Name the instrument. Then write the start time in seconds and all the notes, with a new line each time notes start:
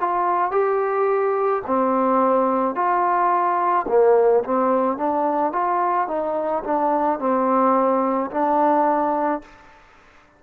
trombone
0.00 F4
0.51 G4
1.66 C4
2.75 F4
3.88 A#3
4.44 C4
4.97 D4
5.53 F4
6.08 D#4
6.64 D4
7.19 C4
8.31 D4